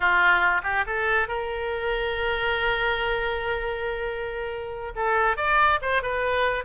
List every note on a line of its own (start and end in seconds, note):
0.00 0.61 F4
0.63 0.84 G4
0.86 1.28 A4
1.28 4.92 A#4
4.95 5.36 A4
5.36 5.79 D5
5.81 6.02 C5
6.02 6.64 B4